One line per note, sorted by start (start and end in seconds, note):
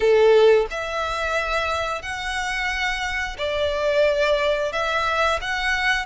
0.00 0.66 A4
0.70 2.02 E5
2.02 3.36 F#5
3.38 4.72 D5
4.72 5.39 E5
5.41 6.05 F#5